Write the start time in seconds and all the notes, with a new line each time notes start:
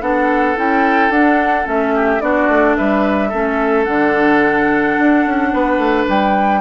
0.00 B3 D4 A4 F#5
0.56 C#4 E4 G5
1.09 D4 F#5
1.64 A3 C#4 E5
1.94 G4
2.20 B3 D4 F#4 D5
2.48 A3
2.75 G3 B4 E5
3.28 A3 C#4 A4
3.84 D3 D4 F#5
4.98 D4
5.25 C#4
5.53 B3 B4
5.77 A3
6.08 G3 G5